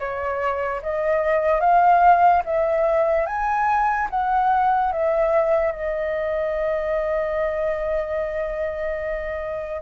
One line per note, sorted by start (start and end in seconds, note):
0.00 0.82 C#5
0.83 1.61 D#5
1.61 2.43 F5
2.45 3.27 E5
3.27 4.09 G#5
4.11 4.93 F#5
4.93 5.72 E5
5.72 9.82 D#5